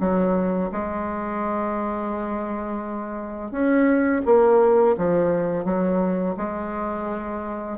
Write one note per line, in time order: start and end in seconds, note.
0.00 0.71 F#3
0.72 3.51 G#3
3.51 4.22 C#4
4.25 4.96 A#3
4.97 5.65 F3
5.65 6.35 F#3
6.37 7.78 G#3